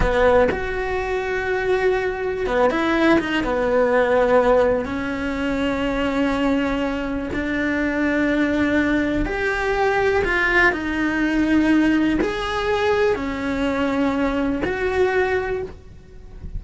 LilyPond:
\new Staff \with { instrumentName = "cello" } { \time 4/4 \tempo 4 = 123 b4 fis'2.~ | fis'4 b8 e'4 dis'8 b4~ | b2 cis'2~ | cis'2. d'4~ |
d'2. g'4~ | g'4 f'4 dis'2~ | dis'4 gis'2 cis'4~ | cis'2 fis'2 | }